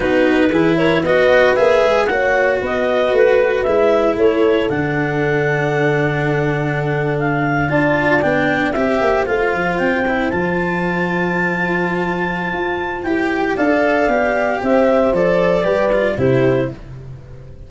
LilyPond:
<<
  \new Staff \with { instrumentName = "clarinet" } { \time 4/4 \tempo 4 = 115 b'4. cis''8 dis''4 e''4 | fis''4 dis''4 b'4 e''4 | cis''4 fis''2.~ | fis''4.~ fis''16 f''4 a''4 g''16~ |
g''8. e''4 f''4 g''4 a''16~ | a''1~ | a''4 g''4 f''2 | e''4 d''2 c''4 | }
  \new Staff \with { instrumentName = "horn" } { \time 4/4 fis'4 gis'8 ais'8 b'2 | cis''4 b'2. | a'1~ | a'2~ a'8. d''4~ d''16~ |
d''8. c''2.~ c''16~ | c''1~ | c''2 d''2 | c''2 b'4 g'4 | }
  \new Staff \with { instrumentName = "cello" } { \time 4/4 dis'4 e'4 fis'4 gis'4 | fis'2. e'4~ | e'4 d'2.~ | d'2~ d'8. f'4 d'16~ |
d'8. g'4 f'4. e'8 f'16~ | f'1~ | f'4 g'4 a'4 g'4~ | g'4 a'4 g'8 f'8 e'4 | }
  \new Staff \with { instrumentName = "tuba" } { \time 4/4 b4 e4 b4 ais8 gis8 | ais4 b4 a4 gis4 | a4 d2.~ | d2~ d8. d'4 b16~ |
b8. c'8 ais8 a8 f8 c'4 f16~ | f1 | f'4 e'4 d'4 b4 | c'4 f4 g4 c4 | }
>>